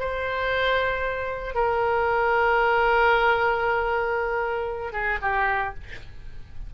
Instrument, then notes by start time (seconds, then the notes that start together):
oboe
0.00 C5
1.55 A#4
4.93 G#4
5.22 G4